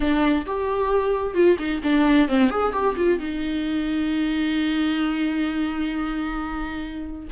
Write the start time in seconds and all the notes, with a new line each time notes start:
0.00 D4
0.46 G4
1.34 F4
1.58 D#4
1.83 D4
2.28 C4
2.50 G#4
2.72 G4
2.96 F4
3.19 D#4